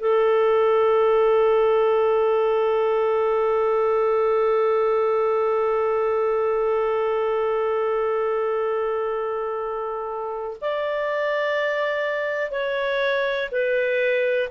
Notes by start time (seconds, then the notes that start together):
0.00 A4
10.61 D5
12.51 C#5
13.52 B4